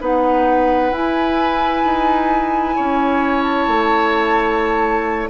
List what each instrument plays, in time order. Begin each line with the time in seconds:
0.00 bassoon B3, clarinet D#4, oboe B4, flute F#5
0.91 bassoon E4, clarinet E4, flute G#5
1.84 bassoon D#4
2.75 bassoon C#4, oboe C#5
3.42 flute A5
3.67 bassoon A3